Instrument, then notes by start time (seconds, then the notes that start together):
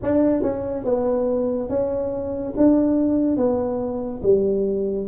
tuba
0.02 D4
0.42 C#4
0.84 B3
1.69 C#4
2.56 D4
3.36 B3
4.23 G3